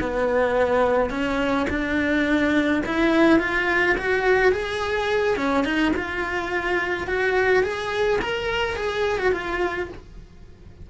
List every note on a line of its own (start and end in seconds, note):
0.00 1.10 B3
1.10 1.66 C#4
1.70 2.83 D4
2.86 3.39 E4
3.39 3.96 F4
3.98 4.52 F#4
4.52 5.36 G#4
5.36 5.64 C#4
5.64 5.92 D#4
5.96 7.07 F4
7.07 7.63 F#4
7.63 8.20 G#4
8.21 8.76 A#4
8.76 9.18 G#4
9.18 9.32 F#4
9.32 9.89 F4